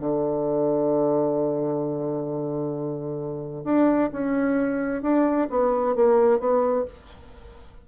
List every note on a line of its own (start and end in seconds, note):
0.00 3.65 D3
3.65 4.11 D4
4.13 5.02 C#4
5.02 5.48 D4
5.50 5.96 B3
5.96 6.40 A#3
6.40 6.86 B3